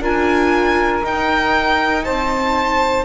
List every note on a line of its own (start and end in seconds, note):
0.00 1.02 D4
0.00 1.03 F4
0.00 2.04 A#4
0.00 1.06 G#5
1.03 3.05 D#4
1.03 2.06 D#4
1.03 2.05 G5
2.04 3.05 C4
2.04 3.05 C5
2.04 3.05 A5